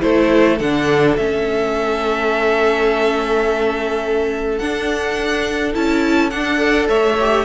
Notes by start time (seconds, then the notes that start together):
0.00 A3 E4 A4 C5
0.59 D3 D4 F#5
1.16 A3 C#4 E5
4.58 D4 F#5
5.73 C#4 E4 A5
6.30 D4 F#5
6.57 A4 D5
6.88 A3 C#5 E5
7.20 G4